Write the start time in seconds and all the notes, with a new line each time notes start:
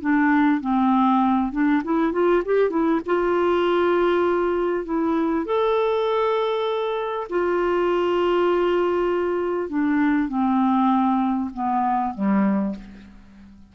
0.00 D4
0.61 C4
1.52 D4
1.84 E4
2.12 F4
2.45 G4
2.70 E4
3.06 F4
4.85 E4
5.45 A4
7.29 F4
9.69 D4
10.28 C4
11.53 B3
12.14 G3